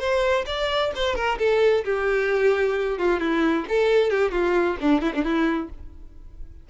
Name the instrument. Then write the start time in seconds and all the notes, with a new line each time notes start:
violin
0.00 C5
0.47 D5
0.96 C5
1.16 A#4
1.39 A4
1.85 G4
2.99 F4
3.20 E4
3.69 A4
4.11 G4
4.32 F4
4.81 D4
5.02 E4
5.15 D4
5.25 E4